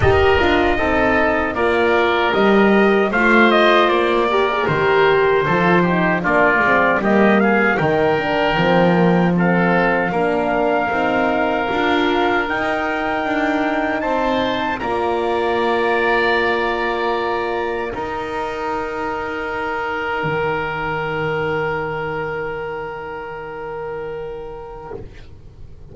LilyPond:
<<
  \new Staff \with { instrumentName = "trumpet" } { \time 4/4 \tempo 4 = 77 dis''2 d''4 dis''4 | f''8 dis''8 d''4 c''2 | d''4 dis''8 f''8 g''2 | f''1 |
g''2 a''4 ais''4~ | ais''2. g''4~ | g''1~ | g''1 | }
  \new Staff \with { instrumentName = "oboe" } { \time 4/4 ais'4 a'4 ais'2 | c''4. ais'4. a'8 g'8 | f'4 g'8 gis'8 ais'2 | a'4 ais'2.~ |
ais'2 c''4 d''4~ | d''2. ais'4~ | ais'1~ | ais'1 | }
  \new Staff \with { instrumentName = "horn" } { \time 4/4 g'8 f'8 dis'4 f'4 g'4 | f'4. g'16 gis'16 g'4 f'8 dis'8 | d'8 c'8 ais4 dis'8 d'8 c'8 ais8 | c'4 d'4 dis'4 f'4 |
dis'2. f'4~ | f'2. dis'4~ | dis'1~ | dis'1 | }
  \new Staff \with { instrumentName = "double bass" } { \time 4/4 dis'8 d'8 c'4 ais4 g4 | a4 ais4 dis4 f4 | ais8 gis8 g4 dis4 f4~ | f4 ais4 c'4 d'4 |
dis'4 d'4 c'4 ais4~ | ais2. dis'4~ | dis'2 dis2~ | dis1 | }
>>